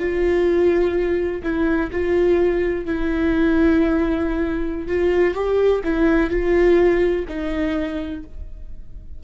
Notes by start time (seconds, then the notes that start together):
0.00 F4
1.43 E4
1.92 F4
2.86 E4
4.88 F4
5.35 G4
5.84 E4
6.31 F4
7.29 D#4